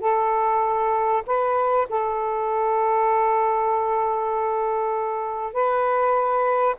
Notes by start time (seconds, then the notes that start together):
0.00 A4
1.26 B4
1.89 A4
5.53 B4